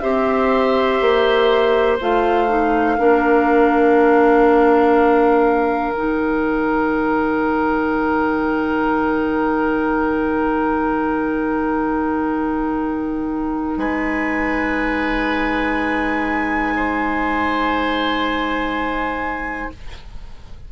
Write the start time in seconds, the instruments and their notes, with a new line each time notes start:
0.00 bassoon C4, clarinet G4, oboe C5, flute E5
1.01 bassoon A#3
2.00 bassoon A3, clarinet F4, flute F5
2.48 clarinet D#4
2.98 bassoon A#3, clarinet D4, oboe A#4
5.90 bassoon D#3, clarinet D#4, flute G5
13.77 bassoon G#3, oboe B4, flute G#5
16.76 oboe C5